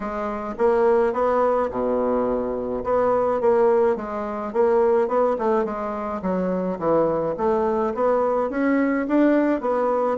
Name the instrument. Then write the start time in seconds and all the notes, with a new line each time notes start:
bassoon
0.00 G#3
0.58 A#3
1.13 B3
1.70 B2
2.84 B3
3.40 A#3
3.96 G#3
4.53 A#3
5.08 B3
5.38 A3
5.64 G#3
6.22 F#3
6.78 E3
7.37 A3
7.94 B3
8.50 C#4
9.07 D4
9.60 B3